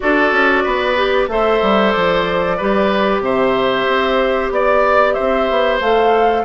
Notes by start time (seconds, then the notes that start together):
0.00 D4 F#4 A4 D5
0.32 C#4
0.63 B3 B4
0.96 G4
1.27 A3 A4 C5 E5
1.62 G3
1.92 F3 D5
2.57 G3 G4 B4
3.20 C3 C5 E5
3.87 C4
4.50 B3 D5
5.13 C5 E5
5.20 C4
5.50 B3
5.80 A3 A4 F5